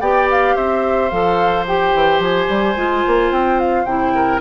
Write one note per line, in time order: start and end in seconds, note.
0.00 0.55 B3
0.00 1.11 G4
0.00 0.55 D5
0.00 0.28 G5
0.30 0.56 F5
0.55 1.11 C4
0.55 4.13 C5
0.55 1.09 E5
1.09 1.94 F3
1.09 1.66 A4
1.09 1.64 F5
1.67 2.76 G4
1.67 2.22 G5
1.94 2.19 E3
2.19 2.47 F3
2.19 3.33 G#5
2.49 2.76 G3
2.76 3.04 G#3
2.76 3.86 F4
3.07 3.31 A#3
3.31 3.85 C4
3.31 3.60 G5
3.60 3.85 F5
3.85 4.40 C3
3.85 4.41 E4
3.85 4.40 G5
4.14 4.41 A#4